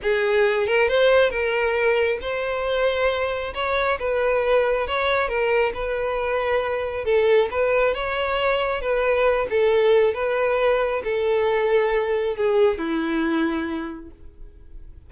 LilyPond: \new Staff \with { instrumentName = "violin" } { \time 4/4 \tempo 4 = 136 gis'4. ais'8 c''4 ais'4~ | ais'4 c''2. | cis''4 b'2 cis''4 | ais'4 b'2. |
a'4 b'4 cis''2 | b'4. a'4. b'4~ | b'4 a'2. | gis'4 e'2. | }